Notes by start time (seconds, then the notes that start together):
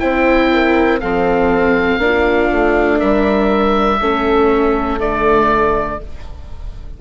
0.00 C4 E4 C5 G5
0.53 A#4
1.01 F3 C4 A4 F5
1.98 A#3 D4
2.05 F4
2.52 A3
2.99 G3 A#4 E5
4.01 A3 C#4 A4
5.00 D3 A3 D5